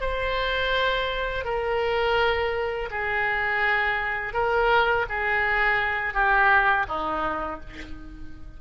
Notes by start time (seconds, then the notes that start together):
0.00 C5
1.44 A#4
2.90 G#4
4.33 A#4
5.09 G#4
6.13 G4
6.88 D#4